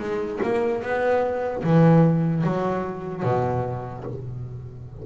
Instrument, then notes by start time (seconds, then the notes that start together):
double bass
0.00 G#3
0.43 A#3
0.83 B3
1.64 E3
2.44 F#3
3.24 B2